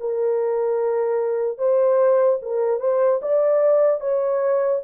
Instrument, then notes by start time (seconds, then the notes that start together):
horn
0.00 A#4
1.58 C5
2.42 A#4
2.80 C5
3.22 D5
4.00 C#5